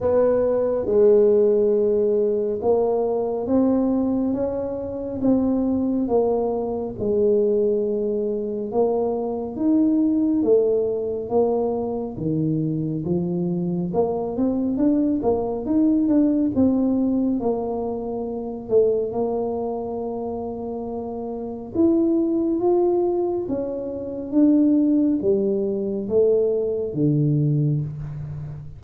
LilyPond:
\new Staff \with { instrumentName = "tuba" } { \time 4/4 \tempo 4 = 69 b4 gis2 ais4 | c'4 cis'4 c'4 ais4 | gis2 ais4 dis'4 | a4 ais4 dis4 f4 |
ais8 c'8 d'8 ais8 dis'8 d'8 c'4 | ais4. a8 ais2~ | ais4 e'4 f'4 cis'4 | d'4 g4 a4 d4 | }